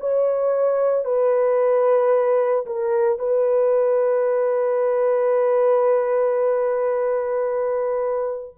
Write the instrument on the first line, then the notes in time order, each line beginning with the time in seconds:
horn
0.00 C#5
1.05 B4
2.66 A#4
3.19 B4